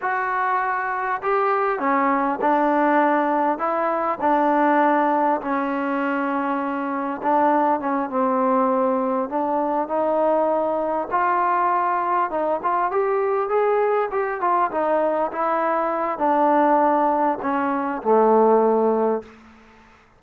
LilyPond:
\new Staff \with { instrumentName = "trombone" } { \time 4/4 \tempo 4 = 100 fis'2 g'4 cis'4 | d'2 e'4 d'4~ | d'4 cis'2. | d'4 cis'8 c'2 d'8~ |
d'8 dis'2 f'4.~ | f'8 dis'8 f'8 g'4 gis'4 g'8 | f'8 dis'4 e'4. d'4~ | d'4 cis'4 a2 | }